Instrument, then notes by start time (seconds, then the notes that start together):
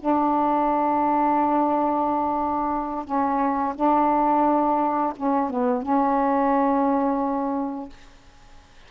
saxophone
0.00 D4
3.05 C#4
3.76 D4
5.17 C#4
5.50 B3
5.83 C#4